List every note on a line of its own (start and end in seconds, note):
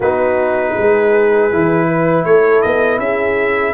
0.00 0.73 B3
0.00 1.51 D#4
0.00 0.73 F#4
0.00 2.25 B4
0.75 1.52 G#3
0.75 1.87 G#4
1.51 2.24 E3
1.51 3.74 E4
1.87 2.24 B4
2.24 2.62 A3
2.24 3.00 A4
2.24 2.61 C#5
2.61 2.99 B3
2.61 2.99 D#5
2.99 3.74 C#4
2.99 3.74 G#4
2.99 3.74 E5